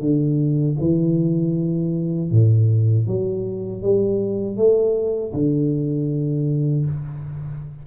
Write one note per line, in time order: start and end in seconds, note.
0.00 0.76 D3
0.79 2.31 E3
2.31 3.07 A2
3.07 3.82 F#3
3.82 4.56 G3
4.56 5.32 A3
5.33 6.85 D3